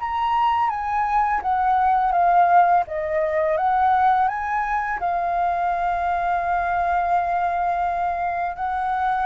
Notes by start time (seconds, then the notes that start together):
0.00 A#5
0.70 G#5
1.43 F#5
2.13 F5
2.88 D#5
3.58 F#5
4.29 G#5
5.01 F5
8.56 F#5